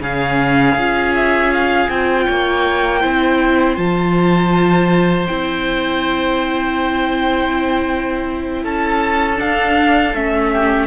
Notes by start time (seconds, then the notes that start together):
0.00 C#3 C#4 G#4 F5
0.75 C#4 F4
1.15 E5
1.53 F5
1.89 C4 G5
2.25 A#3 C#5
3.00 C4 E4 C5
3.75 F3 F4 A5
5.27 C4 E4 G5
8.63 C#4 A4 A5
9.35 D4 F5
10.14 A3 C#4 E5
10.53 G4